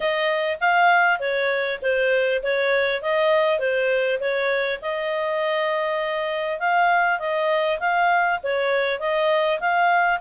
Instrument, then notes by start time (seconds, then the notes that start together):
clarinet
0.00 D#5
0.60 F5
1.19 C#5
1.81 C5
2.42 C#5
3.02 D#5
3.59 C5
4.20 C#5
4.81 D#5
6.59 F5
7.19 D#5
7.79 F5
8.43 C#5
8.99 D#5
9.60 F5